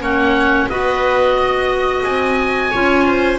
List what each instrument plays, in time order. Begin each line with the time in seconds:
0.00 double bass A#3, clarinet C#4, viola C#5, oboe F#5
0.69 double bass B3, clarinet F#4, viola B4, oboe D#5
1.37 viola D#5
2.03 double bass C4, oboe G#5
2.71 double bass C#4, clarinet F4, viola C#5
3.06 viola C5